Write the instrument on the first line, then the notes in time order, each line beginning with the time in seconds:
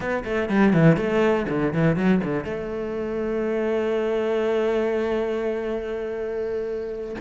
cello
0.00 B3
0.24 A3
0.49 G3
0.73 E3
0.96 A3
1.49 D3
1.73 E3
1.96 F#3
2.23 D3
2.44 A3